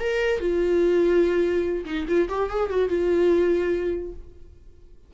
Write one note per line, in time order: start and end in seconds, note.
0.00 0.40 A#4
0.40 1.85 F4
1.85 2.06 D#4
2.08 2.29 F4
2.29 2.50 G4
2.50 2.70 G#4
2.70 2.89 F#4
2.89 4.13 F4